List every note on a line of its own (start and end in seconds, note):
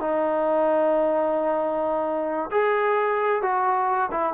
0.00 2.50 D#4
2.51 3.42 G#4
3.42 4.10 F#4
4.11 4.33 E4